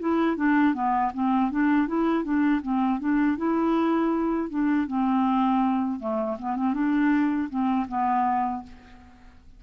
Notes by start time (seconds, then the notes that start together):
0.00 E4
0.37 D4
0.74 B3
1.15 C4
1.52 D4
1.88 E4
2.24 D4
2.62 C4
3.00 D4
3.38 E4
4.50 D4
4.88 C4
6.00 A3
6.39 B3
6.57 C4
6.74 D4
7.50 C4
7.89 B3